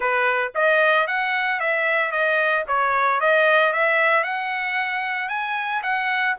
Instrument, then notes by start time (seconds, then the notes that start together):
trumpet
0.00 B4
0.55 D#5
1.07 F#5
1.59 E5
2.11 D#5
2.67 C#5
3.20 D#5
3.72 E5
4.23 F#5
5.28 G#5
5.82 F#5